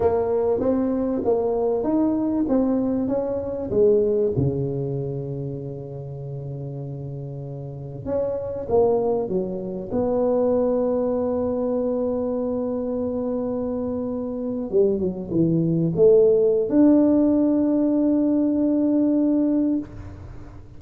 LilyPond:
\new Staff \with { instrumentName = "tuba" } { \time 4/4 \tempo 4 = 97 ais4 c'4 ais4 dis'4 | c'4 cis'4 gis4 cis4~ | cis1~ | cis4 cis'4 ais4 fis4 |
b1~ | b2.~ b8. g16~ | g16 fis8 e4 a4~ a16 d'4~ | d'1 | }